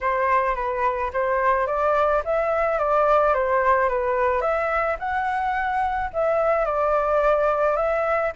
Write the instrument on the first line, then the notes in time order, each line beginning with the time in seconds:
flute
0.01 C5
0.55 B4
1.13 C5
1.66 D5
2.24 E5
2.78 D5
3.34 C5
3.88 B4
4.41 E5
4.99 F#5
6.13 E5
6.65 D5
7.76 E5